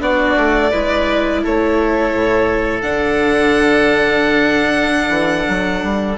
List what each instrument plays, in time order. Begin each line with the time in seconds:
0.00 bassoon B3, viola D4, oboe F#4, violin D5
0.36 bassoon A3
0.71 bassoon G#3, viola E4, oboe B4
1.43 bassoon A3, oboe A4, violin C#5
2.13 bassoon A2
2.82 bassoon D3, viola D4, violin F#5
5.09 bassoon E3
5.49 bassoon F#3
5.83 bassoon G3